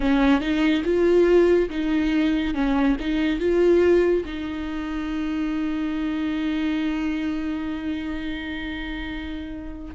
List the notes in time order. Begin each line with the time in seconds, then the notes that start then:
0.00 C#4
0.40 D#4
0.84 F4
1.69 D#4
2.54 C#4
3.00 D#4
3.39 F4
4.25 D#4